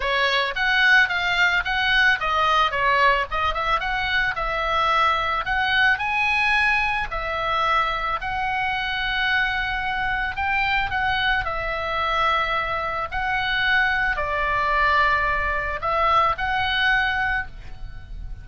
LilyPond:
\new Staff \with { instrumentName = "oboe" } { \time 4/4 \tempo 4 = 110 cis''4 fis''4 f''4 fis''4 | dis''4 cis''4 dis''8 e''8 fis''4 | e''2 fis''4 gis''4~ | gis''4 e''2 fis''4~ |
fis''2. g''4 | fis''4 e''2. | fis''2 d''2~ | d''4 e''4 fis''2 | }